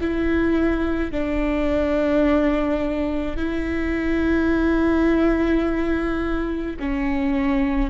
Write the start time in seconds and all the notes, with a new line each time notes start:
0.00 E4
1.11 D4
3.37 E4
6.79 C#4